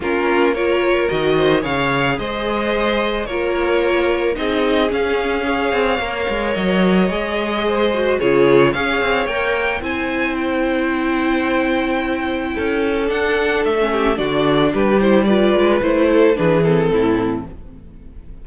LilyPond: <<
  \new Staff \with { instrumentName = "violin" } { \time 4/4 \tempo 4 = 110 ais'4 cis''4 dis''4 f''4 | dis''2 cis''2 | dis''4 f''2. | dis''2. cis''4 |
f''4 g''4 gis''4 g''4~ | g''1 | fis''4 e''4 d''4 b'8 c''8 | d''4 c''4 b'8 a'4. | }
  \new Staff \with { instrumentName = "violin" } { \time 4/4 f'4 ais'4. c''8 cis''4 | c''2 ais'2 | gis'2 cis''2~ | cis''2 c''4 gis'4 |
cis''2 c''2~ | c''2. a'4~ | a'4. g'8 fis'4 g'4 | b'4. a'8 gis'4 e'4 | }
  \new Staff \with { instrumentName = "viola" } { \time 4/4 cis'4 f'4 fis'4 gis'4~ | gis'2 f'2 | dis'4 cis'4 gis'4 ais'4~ | ais'4 gis'4. fis'8 f'4 |
gis'4 ais'4 e'2~ | e'1 | d'4~ d'16 cis'8. d'4. e'8 | f'4 e'4 d'8 c'4. | }
  \new Staff \with { instrumentName = "cello" } { \time 4/4 ais2 dis4 cis4 | gis2 ais2 | c'4 cis'4. c'8 ais8 gis8 | fis4 gis2 cis4 |
cis'8 c'8 ais4 c'2~ | c'2. cis'4 | d'4 a4 d4 g4~ | g8 gis8 a4 e4 a,4 | }
>>